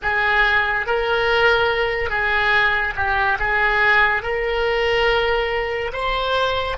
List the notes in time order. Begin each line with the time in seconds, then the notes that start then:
0.02 G#4
0.86 A#4
2.09 G#4
2.95 G4
3.39 G#4
4.22 A#4
5.92 C5